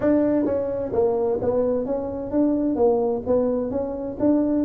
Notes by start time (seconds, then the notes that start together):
0.00 D4
0.45 C#4
0.92 A#3
1.41 B3
1.85 C#4
2.31 D4
2.75 A#3
3.26 B3
3.70 C#4
4.19 D4